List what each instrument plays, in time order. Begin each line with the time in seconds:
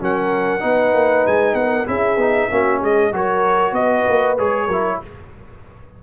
0.00 tuba F#3, trombone C#4, horn A#4, trumpet F#5
0.60 tuba B3, trombone D#4, horn B4
0.94 tuba A#3
1.27 tuba G#3, trumpet G#5
1.54 tuba B3, horn A#4, trumpet F#5
1.86 tuba C#4, trombone E4, horn G#4, trumpet E5
2.17 tuba B3, trombone D#4
2.51 tuba A#3, trombone C#4, horn F#4
2.80 tuba G#3, horn G#4, trumpet D#5
3.12 tuba F#3, trombone F#4, horn A#4, trumpet C#5
3.72 tuba B3, horn B4, trumpet D#5
4.08 tuba A#3
4.38 tuba G#3, trombone G#4, trumpet C#5
4.67 tuba F#3, trombone E4, horn A#4